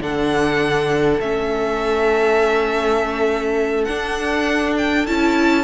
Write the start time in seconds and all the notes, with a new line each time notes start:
0.00 D3 D4 A4 F#5
1.20 A3 C#4 E5
3.84 D4 F#5
4.77 G5
5.07 C#4 E4 A5